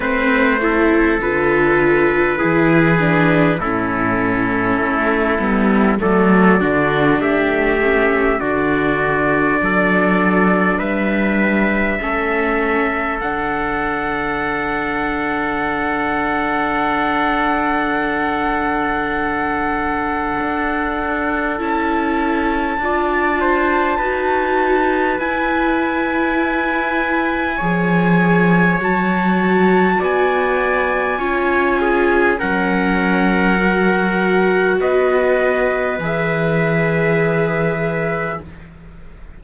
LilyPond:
<<
  \new Staff \with { instrumentName = "trumpet" } { \time 4/4 \tempo 4 = 50 c''4 b'2 a'4~ | a'4 d''4 e''4 d''4~ | d''4 e''2 fis''4~ | fis''1~ |
fis''2 a''2~ | a''4 gis''2. | a''4 gis''2 fis''4~ | fis''4 dis''4 e''2 | }
  \new Staff \with { instrumentName = "trumpet" } { \time 4/4 b'8 a'4. gis'4 e'4~ | e'4 a'8 fis'8 g'4 fis'4 | a'4 b'4 a'2~ | a'1~ |
a'2. d''8 c''8 | b'2. cis''4~ | cis''4 d''4 cis''8 gis'8 ais'4~ | ais'4 b'2. | }
  \new Staff \with { instrumentName = "viola" } { \time 4/4 c'8 e'8 f'4 e'8 d'8 cis'4~ | cis'8 b8 a8 d'4 cis'8 d'4~ | d'2 cis'4 d'4~ | d'1~ |
d'2 e'4 f'4 | fis'4 e'2 gis'4 | fis'2 f'4 cis'4 | fis'2 gis'2 | }
  \new Staff \with { instrumentName = "cello" } { \time 4/4 a4 d4 e4 a,4 | a8 g8 fis8 d8 a4 d4 | fis4 g4 a4 d4~ | d1~ |
d4 d'4 cis'4 d'4 | dis'4 e'2 f4 | fis4 b4 cis'4 fis4~ | fis4 b4 e2 | }
>>